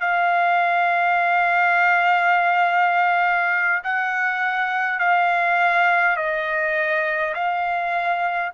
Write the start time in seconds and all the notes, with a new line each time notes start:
0.00 F5
3.83 F#5
4.99 F5
6.16 D#5
7.34 F5